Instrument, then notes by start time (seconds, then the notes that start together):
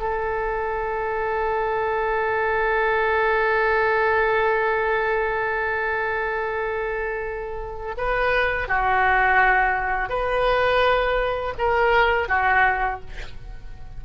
oboe
0.00 A4
7.97 B4
8.68 F#4
10.09 B4
11.58 A#4
12.28 F#4